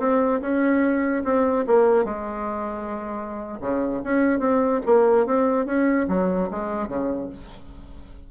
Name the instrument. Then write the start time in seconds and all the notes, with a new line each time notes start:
bassoon
0.00 C4
0.42 C#4
1.25 C4
1.67 A#3
2.05 G#3
3.61 C#3
4.04 C#4
4.40 C4
4.86 A#3
5.27 C4
5.66 C#4
6.09 F#3
6.51 G#3
6.88 C#3